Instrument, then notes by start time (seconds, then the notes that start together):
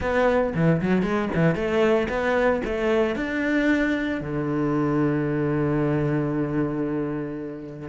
cello
0.00 B3
0.55 E3
0.81 F#3
1.02 G#3
1.34 E3
1.55 A3
2.09 B3
2.65 A3
3.15 D4
4.21 D3